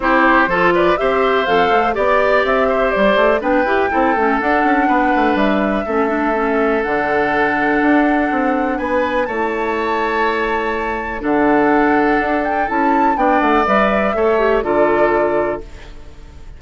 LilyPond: <<
  \new Staff \with { instrumentName = "flute" } { \time 4/4 \tempo 4 = 123 c''4. d''8 e''4 f''4 | d''4 e''4 d''4 g''4~ | g''4 fis''2 e''4~ | e''2 fis''2~ |
fis''2 gis''4 a''4~ | a''2. fis''4~ | fis''4. g''8 a''4 g''8 fis''8 | e''2 d''2 | }
  \new Staff \with { instrumentName = "oboe" } { \time 4/4 g'4 a'8 b'8 c''2 | d''4. c''4. b'4 | a'2 b'2 | a'1~ |
a'2 b'4 cis''4~ | cis''2. a'4~ | a'2. d''4~ | d''4 cis''4 a'2 | }
  \new Staff \with { instrumentName = "clarinet" } { \time 4/4 e'4 f'4 g'4 a'4 | g'2. d'8 g'8 | e'8 cis'8 d'2. | cis'8 d'8 cis'4 d'2~ |
d'2. e'4~ | e'2. d'4~ | d'2 e'4 d'4 | b'4 a'8 g'8 f'2 | }
  \new Staff \with { instrumentName = "bassoon" } { \time 4/4 c'4 f4 c'4 f,8 a8 | b4 c'4 g8 a8 b8 e'8 | c'8 a8 d'8 cis'8 b8 a8 g4 | a2 d2 |
d'4 c'4 b4 a4~ | a2. d4~ | d4 d'4 cis'4 b8 a8 | g4 a4 d2 | }
>>